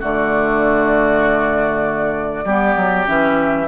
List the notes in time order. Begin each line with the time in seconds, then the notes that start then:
0.00 D3 A3 F#4 D5
2.44 G3 B3 G4
2.76 F#3
3.06 E3 C#4 E5